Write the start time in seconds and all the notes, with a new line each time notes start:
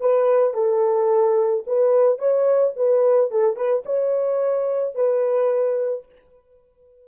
0.00 B4
0.54 A4
1.66 B4
2.18 C#5
2.76 B4
3.31 A4
3.56 B4
3.85 C#5
4.95 B4